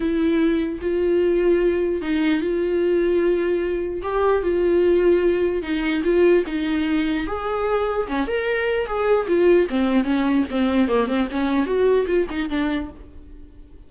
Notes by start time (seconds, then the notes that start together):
0.00 E4
0.81 F4
2.01 D#4
2.41 F4
4.02 G4
4.42 F4
5.62 D#4
6.03 F4
6.46 D#4
7.26 G#4
8.07 C#4
8.27 A#4
8.86 G#4
9.27 F4
9.69 C4
10.04 C#4
10.50 C4
10.87 A#3
11.07 C4
11.30 C#4
11.66 F#4
12.06 F4
12.30 D#4
12.49 D4